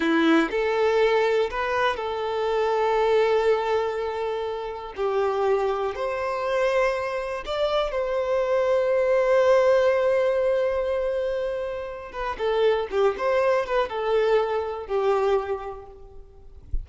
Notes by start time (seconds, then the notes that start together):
0.00 E4
0.50 A4
1.50 B4
1.96 A4
4.96 G4
5.95 C5
7.45 D5
7.91 C5
12.12 B4
12.38 A4
12.90 G4
13.17 C5
13.65 B4
13.89 A4
14.86 G4